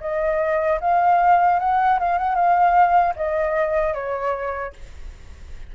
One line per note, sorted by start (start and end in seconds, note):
0.00 0.79 D#5
0.80 1.59 F5
1.59 1.99 F#5
1.99 2.18 F5
2.18 2.35 F#5
2.35 3.14 F5
3.15 3.94 D#5
3.94 4.73 C#5